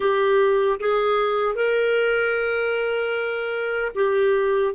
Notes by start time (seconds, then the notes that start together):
0.00 G4
0.80 G#4
1.55 A#4
3.95 G4